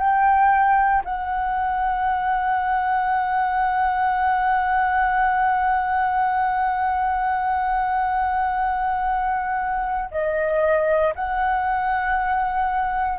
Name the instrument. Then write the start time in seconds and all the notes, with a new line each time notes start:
flute
0.00 G5
1.05 F#5
10.11 D#5
11.15 F#5